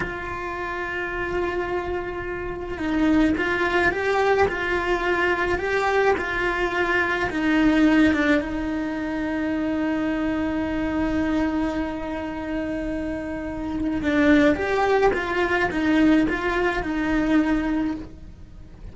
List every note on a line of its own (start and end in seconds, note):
0.00 2.78 F4
2.78 3.34 D#4
3.37 3.91 F4
3.91 4.47 G4
4.48 5.58 F4
5.58 6.14 G4
6.17 7.29 F4
7.29 8.13 D#4
8.13 8.40 D4
8.40 14.01 D#4
14.02 14.55 D4
14.55 15.11 G4
15.13 15.69 F4
15.70 16.26 D#4
16.29 16.82 F4
16.82 17.95 D#4